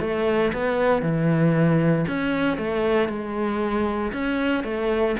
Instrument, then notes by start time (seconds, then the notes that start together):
cello
0.00 A3
0.53 B3
1.02 E3
2.07 C#4
2.57 A3
3.08 G#3
4.12 C#4
4.64 A3